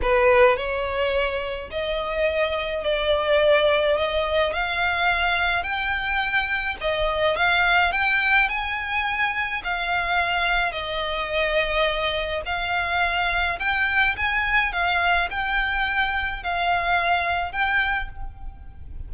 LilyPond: \new Staff \with { instrumentName = "violin" } { \time 4/4 \tempo 4 = 106 b'4 cis''2 dis''4~ | dis''4 d''2 dis''4 | f''2 g''2 | dis''4 f''4 g''4 gis''4~ |
gis''4 f''2 dis''4~ | dis''2 f''2 | g''4 gis''4 f''4 g''4~ | g''4 f''2 g''4 | }